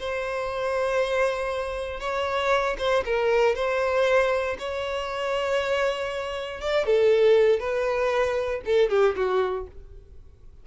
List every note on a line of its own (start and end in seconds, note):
0.00 2.00 C5
2.00 2.77 C#5
2.79 3.04 C5
3.06 3.55 A#4
3.55 4.57 C5
4.59 6.61 C#5
6.61 6.86 D5
6.86 7.60 A4
7.60 8.62 B4
8.66 8.90 A4
8.90 9.15 G4
9.16 9.67 F#4